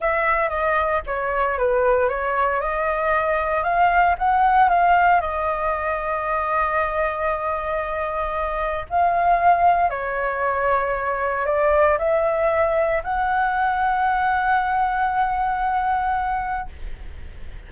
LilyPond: \new Staff \with { instrumentName = "flute" } { \time 4/4 \tempo 4 = 115 e''4 dis''4 cis''4 b'4 | cis''4 dis''2 f''4 | fis''4 f''4 dis''2~ | dis''1~ |
dis''4 f''2 cis''4~ | cis''2 d''4 e''4~ | e''4 fis''2.~ | fis''1 | }